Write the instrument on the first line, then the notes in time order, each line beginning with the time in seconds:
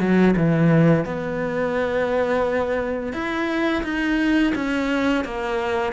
cello
0.00 F#3
0.37 E3
1.05 B3
3.13 E4
3.84 D#4
4.55 C#4
5.25 A#3